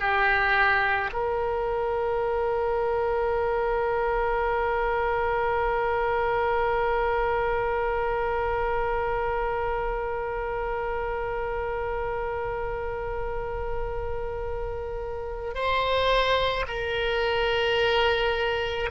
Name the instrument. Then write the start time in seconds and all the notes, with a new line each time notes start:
oboe
0.00 G4
1.13 A#4
15.55 C5
16.68 A#4